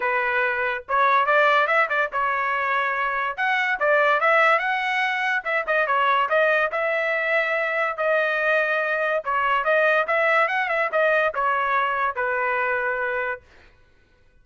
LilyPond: \new Staff \with { instrumentName = "trumpet" } { \time 4/4 \tempo 4 = 143 b'2 cis''4 d''4 | e''8 d''8 cis''2. | fis''4 d''4 e''4 fis''4~ | fis''4 e''8 dis''8 cis''4 dis''4 |
e''2. dis''4~ | dis''2 cis''4 dis''4 | e''4 fis''8 e''8 dis''4 cis''4~ | cis''4 b'2. | }